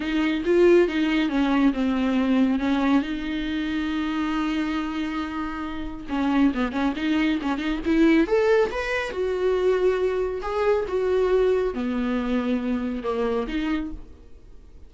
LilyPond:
\new Staff \with { instrumentName = "viola" } { \time 4/4 \tempo 4 = 138 dis'4 f'4 dis'4 cis'4 | c'2 cis'4 dis'4~ | dis'1~ | dis'2 cis'4 b8 cis'8 |
dis'4 cis'8 dis'8 e'4 a'4 | b'4 fis'2. | gis'4 fis'2 b4~ | b2 ais4 dis'4 | }